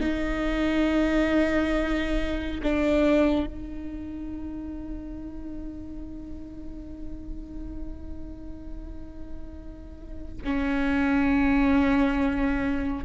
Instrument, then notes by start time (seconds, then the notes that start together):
viola
0.00 D#4
2.63 D4
3.47 D#4
10.44 C#4